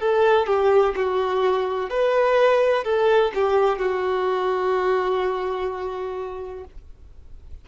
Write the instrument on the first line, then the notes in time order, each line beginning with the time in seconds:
violin
0.00 A4
0.46 G4
0.96 F#4
1.89 B4
2.84 A4
3.34 G4
3.78 F#4